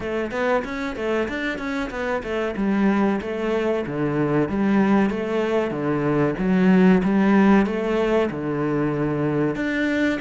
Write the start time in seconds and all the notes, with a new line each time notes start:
0.00 A3
0.31 B3
0.64 C#4
0.96 A3
1.28 D4
1.58 C#4
1.90 B3
2.23 A3
2.56 G3
3.21 A3
3.86 D3
4.48 G3
5.09 A3
5.70 D3
6.38 F#3
7.03 G3
7.66 A3
8.30 D3
9.55 D4